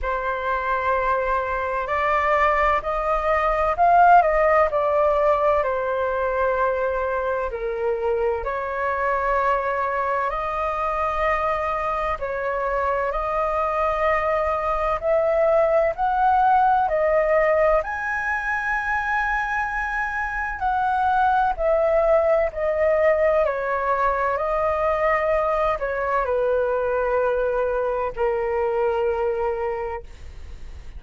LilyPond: \new Staff \with { instrumentName = "flute" } { \time 4/4 \tempo 4 = 64 c''2 d''4 dis''4 | f''8 dis''8 d''4 c''2 | ais'4 cis''2 dis''4~ | dis''4 cis''4 dis''2 |
e''4 fis''4 dis''4 gis''4~ | gis''2 fis''4 e''4 | dis''4 cis''4 dis''4. cis''8 | b'2 ais'2 | }